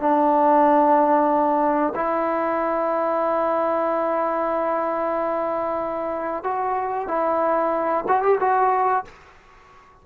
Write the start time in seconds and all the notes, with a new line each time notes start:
0.00 D4
1.95 E4
6.43 F#4
7.08 E4
8.09 F#4
8.23 G4
8.40 F#4